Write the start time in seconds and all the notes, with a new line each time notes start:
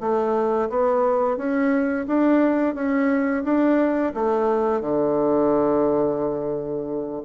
0.00 A3
0.69 B3
1.37 C#4
2.07 D4
2.74 C#4
3.44 D4
4.14 A3
4.81 D3